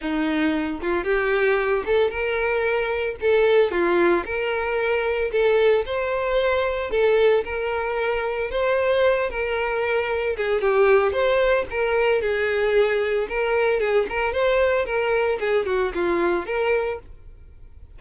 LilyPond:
\new Staff \with { instrumentName = "violin" } { \time 4/4 \tempo 4 = 113 dis'4. f'8 g'4. a'8 | ais'2 a'4 f'4 | ais'2 a'4 c''4~ | c''4 a'4 ais'2 |
c''4. ais'2 gis'8 | g'4 c''4 ais'4 gis'4~ | gis'4 ais'4 gis'8 ais'8 c''4 | ais'4 gis'8 fis'8 f'4 ais'4 | }